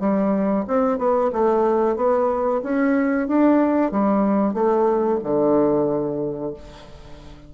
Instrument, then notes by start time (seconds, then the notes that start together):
bassoon
0.00 G3
0.68 C4
0.98 B3
1.33 A3
1.96 B3
2.63 C#4
3.28 D4
3.92 G3
4.54 A3
5.24 D3